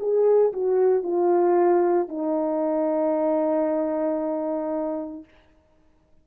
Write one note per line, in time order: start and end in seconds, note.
0.00 0.53 G#4
0.54 1.04 F#4
1.04 2.09 F4
2.09 5.25 D#4